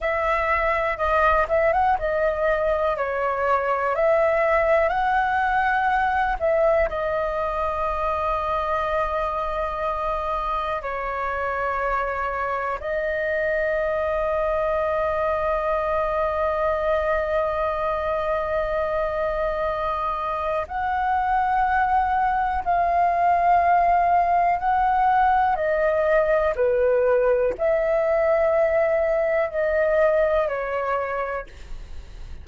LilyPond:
\new Staff \with { instrumentName = "flute" } { \time 4/4 \tempo 4 = 61 e''4 dis''8 e''16 fis''16 dis''4 cis''4 | e''4 fis''4. e''8 dis''4~ | dis''2. cis''4~ | cis''4 dis''2.~ |
dis''1~ | dis''4 fis''2 f''4~ | f''4 fis''4 dis''4 b'4 | e''2 dis''4 cis''4 | }